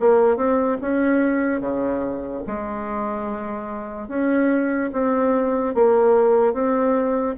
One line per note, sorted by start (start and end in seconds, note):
0.00 0.37 A#3
0.37 0.78 C4
0.82 1.61 C#4
1.61 2.43 C#3
2.47 4.09 G#3
4.09 4.91 C#4
4.93 5.75 C4
5.75 6.54 A#3
6.54 7.36 C4